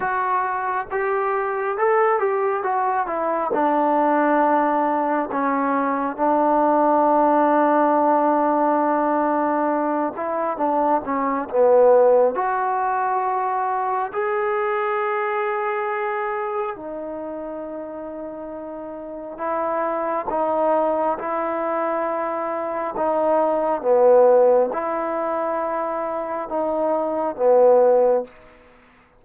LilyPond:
\new Staff \with { instrumentName = "trombone" } { \time 4/4 \tempo 4 = 68 fis'4 g'4 a'8 g'8 fis'8 e'8 | d'2 cis'4 d'4~ | d'2.~ d'8 e'8 | d'8 cis'8 b4 fis'2 |
gis'2. dis'4~ | dis'2 e'4 dis'4 | e'2 dis'4 b4 | e'2 dis'4 b4 | }